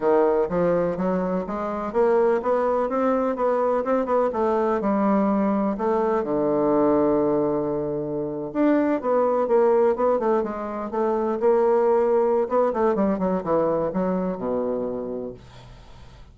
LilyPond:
\new Staff \with { instrumentName = "bassoon" } { \time 4/4 \tempo 4 = 125 dis4 f4 fis4 gis4 | ais4 b4 c'4 b4 | c'8 b8 a4 g2 | a4 d2.~ |
d4.~ d16 d'4 b4 ais16~ | ais8. b8 a8 gis4 a4 ais16~ | ais2 b8 a8 g8 fis8 | e4 fis4 b,2 | }